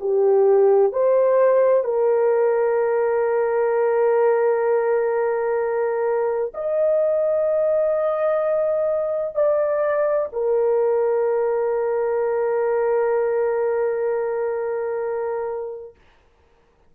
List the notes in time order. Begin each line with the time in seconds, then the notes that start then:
0.00 G4
0.92 C5
1.84 A#4
6.54 D#5
9.35 D5
10.33 A#4